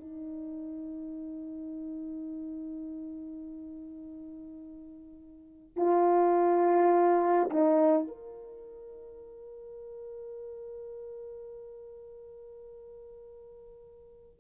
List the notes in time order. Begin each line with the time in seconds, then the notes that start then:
0.00 D#4
5.76 F4
7.50 D#4
8.08 A#4